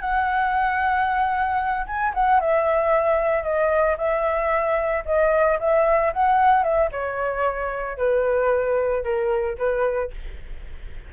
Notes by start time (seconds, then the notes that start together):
0.00 F#5
1.86 G#5
2.14 F#5
2.40 E5
3.43 D#5
3.97 E5
5.05 D#5
5.59 E5
6.13 F#5
6.63 E5
6.92 C#5
7.97 B4
9.03 A#4
9.58 B4